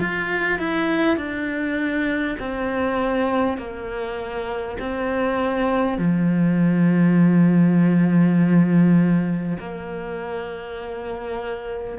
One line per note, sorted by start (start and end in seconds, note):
0.00 0.58 F4
0.58 1.17 E4
1.17 2.37 D4
2.39 3.57 C4
3.57 4.77 A#3
4.79 5.98 C4
5.98 9.58 F3
9.58 11.98 A#3